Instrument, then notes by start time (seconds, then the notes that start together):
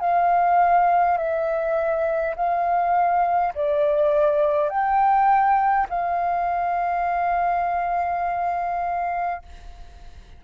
flute
0.00 F5
1.17 E5
2.35 F5
3.54 D5
4.69 G5
5.89 F5